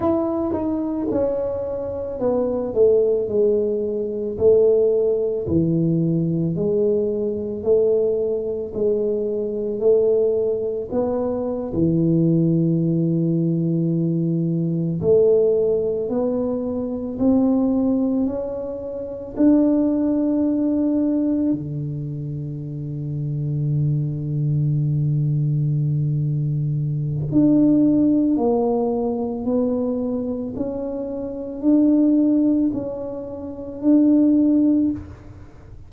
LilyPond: \new Staff \with { instrumentName = "tuba" } { \time 4/4 \tempo 4 = 55 e'8 dis'8 cis'4 b8 a8 gis4 | a4 e4 gis4 a4 | gis4 a4 b8. e4~ e16~ | e4.~ e16 a4 b4 c'16~ |
c'8. cis'4 d'2 d16~ | d1~ | d4 d'4 ais4 b4 | cis'4 d'4 cis'4 d'4 | }